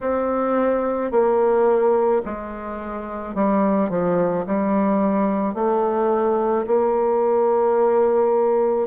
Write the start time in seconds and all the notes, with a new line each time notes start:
0.01 C4
1.11 A#3
2.25 G#3
3.34 G3
3.89 F3
4.46 G3
5.54 A3
6.66 A#3